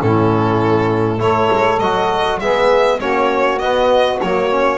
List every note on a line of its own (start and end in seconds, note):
0.00 1.19 A2
0.00 1.18 C#4
0.00 1.21 E4
0.00 1.20 A4
1.18 1.49 A3
1.18 1.78 E4
1.18 2.39 A4
1.18 1.79 C#5
1.52 1.80 G#3
1.79 2.40 F#3
1.79 2.42 F#4
1.79 2.39 D#5
2.39 3.00 G#3
2.39 2.99 B3
2.39 2.98 G#4
2.39 2.99 E5
2.98 3.60 A#3
2.98 3.59 C#4
2.98 4.78 F#4
2.98 3.59 C#5
3.59 4.20 B3
3.59 4.19 D#5
4.21 4.50 F#3
4.21 4.78 A#3
4.21 4.78 C#5
4.50 4.78 C#4